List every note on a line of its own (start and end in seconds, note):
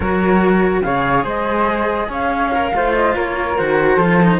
0.00 0.81 F#3
0.00 0.83 F#4
0.00 0.81 A#4
0.00 0.82 C#5
0.82 1.24 C#3
0.82 2.51 G#4
0.82 1.24 C#5
0.82 1.24 F5
1.24 2.08 G#3
1.24 2.08 C5
1.24 2.10 D#5
2.08 2.71 C#4
2.08 2.71 C#5
2.08 2.94 F5
2.54 2.74 A#4
2.73 3.15 A3
2.73 3.57 F4
2.73 3.15 C5
2.94 3.15 D#5
3.15 3.58 A#3
3.15 3.96 A#4
3.15 3.57 C#5
3.57 3.96 D#3
3.57 3.99 F#4
3.57 4.40 C5
3.96 4.38 F3
3.96 4.21 F4
3.96 4.37 A4
4.22 4.40 D#4